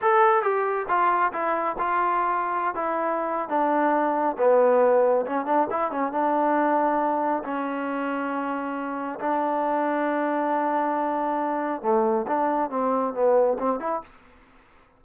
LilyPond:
\new Staff \with { instrumentName = "trombone" } { \time 4/4 \tempo 4 = 137 a'4 g'4 f'4 e'4 | f'2~ f'16 e'4.~ e'16 | d'2 b2 | cis'8 d'8 e'8 cis'8 d'2~ |
d'4 cis'2.~ | cis'4 d'2.~ | d'2. a4 | d'4 c'4 b4 c'8 e'8 | }